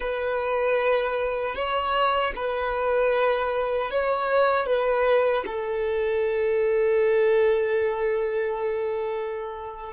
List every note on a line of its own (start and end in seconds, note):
0.00 1.55 B4
1.55 2.33 C#5
2.35 3.90 B4
3.90 4.66 C#5
4.66 5.44 B4
5.46 9.93 A4